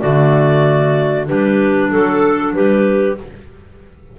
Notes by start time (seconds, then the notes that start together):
0.00 D3 A3 F#4 D5
1.26 G3 D4 G4 B4
1.90 F#3 A4
2.54 G3 G4 B4